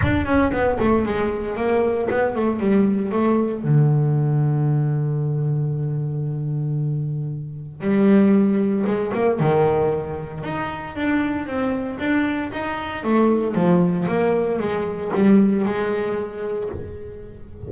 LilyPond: \new Staff \with { instrumentName = "double bass" } { \time 4/4 \tempo 4 = 115 d'8 cis'8 b8 a8 gis4 ais4 | b8 a8 g4 a4 d4~ | d1~ | d2. g4~ |
g4 gis8 ais8 dis2 | dis'4 d'4 c'4 d'4 | dis'4 a4 f4 ais4 | gis4 g4 gis2 | }